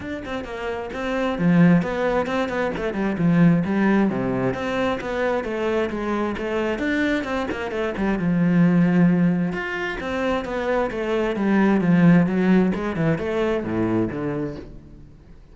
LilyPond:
\new Staff \with { instrumentName = "cello" } { \time 4/4 \tempo 4 = 132 d'8 c'8 ais4 c'4 f4 | b4 c'8 b8 a8 g8 f4 | g4 c4 c'4 b4 | a4 gis4 a4 d'4 |
c'8 ais8 a8 g8 f2~ | f4 f'4 c'4 b4 | a4 g4 f4 fis4 | gis8 e8 a4 a,4 d4 | }